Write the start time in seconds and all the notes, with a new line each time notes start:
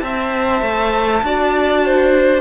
0.00 C4 C5 E5 A5
0.62 A3
1.23 D4 F#4 D5
1.85 C5